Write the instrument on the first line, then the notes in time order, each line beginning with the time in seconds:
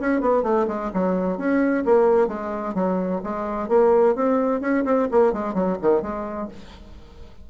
bassoon
0.00 C#4
0.21 B3
0.43 A3
0.67 G#3
0.93 F#3
1.37 C#4
1.85 A#3
2.28 G#3
2.74 F#3
3.23 G#3
3.68 A#3
4.15 C4
4.61 C#4
4.85 C4
5.11 A#3
5.33 G#3
5.54 F#3
5.82 D#3
6.02 G#3